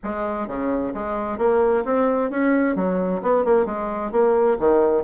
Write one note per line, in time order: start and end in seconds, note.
0.03 0.47 G#3
0.47 0.93 C#3
0.94 1.38 G#3
1.38 1.83 A#3
1.84 2.30 C4
2.30 2.75 C#4
2.75 3.21 F#3
3.22 3.44 B3
3.44 3.65 A#3
3.65 4.11 G#3
4.11 4.57 A#3
4.59 5.03 D#3